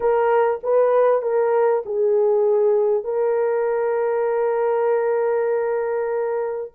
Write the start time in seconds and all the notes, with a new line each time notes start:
0.00 A#4
0.63 B4
1.22 A#4
1.85 G#4
3.04 A#4